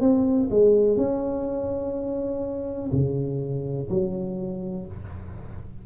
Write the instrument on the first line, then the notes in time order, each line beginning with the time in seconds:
tuba
0.00 C4
0.50 G#3
0.96 C#4
2.91 C#3
3.89 F#3